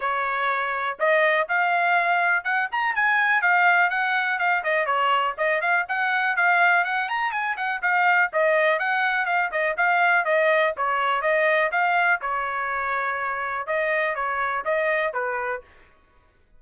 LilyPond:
\new Staff \with { instrumentName = "trumpet" } { \time 4/4 \tempo 4 = 123 cis''2 dis''4 f''4~ | f''4 fis''8 ais''8 gis''4 f''4 | fis''4 f''8 dis''8 cis''4 dis''8 f''8 | fis''4 f''4 fis''8 ais''8 gis''8 fis''8 |
f''4 dis''4 fis''4 f''8 dis''8 | f''4 dis''4 cis''4 dis''4 | f''4 cis''2. | dis''4 cis''4 dis''4 b'4 | }